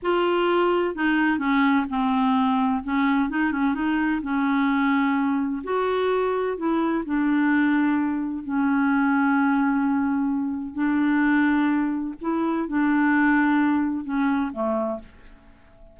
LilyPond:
\new Staff \with { instrumentName = "clarinet" } { \time 4/4 \tempo 4 = 128 f'2 dis'4 cis'4 | c'2 cis'4 dis'8 cis'8 | dis'4 cis'2. | fis'2 e'4 d'4~ |
d'2 cis'2~ | cis'2. d'4~ | d'2 e'4 d'4~ | d'2 cis'4 a4 | }